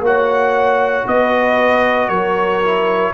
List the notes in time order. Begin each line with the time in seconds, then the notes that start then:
0.00 A#3 F#4 C#5 F#5
1.07 B3 B4 D#5
2.08 F#3 A#4 C#5
2.64 E4